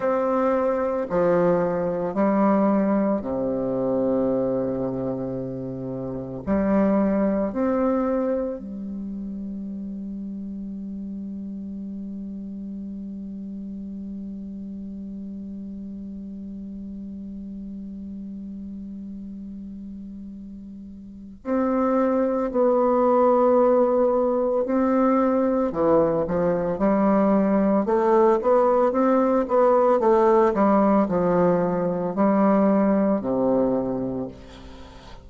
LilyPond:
\new Staff \with { instrumentName = "bassoon" } { \time 4/4 \tempo 4 = 56 c'4 f4 g4 c4~ | c2 g4 c'4 | g1~ | g1~ |
g1 | c'4 b2 c'4 | e8 f8 g4 a8 b8 c'8 b8 | a8 g8 f4 g4 c4 | }